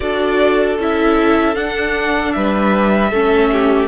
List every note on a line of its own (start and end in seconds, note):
0.00 0.78 D4
0.00 0.78 F#4
0.00 2.35 A4
0.00 0.77 D5
0.78 1.56 C#4
0.78 1.55 E4
0.78 1.55 E5
1.55 3.11 D4
1.55 2.34 D4
1.55 2.32 F#5
2.32 3.12 G3
2.32 3.10 B4
2.32 3.88 E5
3.10 3.88 A3
3.10 3.88 C#4
3.10 3.49 A4
3.51 3.88 G4